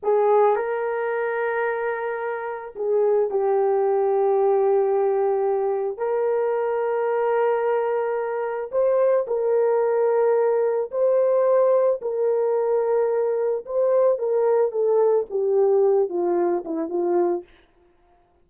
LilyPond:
\new Staff \with { instrumentName = "horn" } { \time 4/4 \tempo 4 = 110 gis'4 ais'2.~ | ais'4 gis'4 g'2~ | g'2. ais'4~ | ais'1 |
c''4 ais'2. | c''2 ais'2~ | ais'4 c''4 ais'4 a'4 | g'4. f'4 e'8 f'4 | }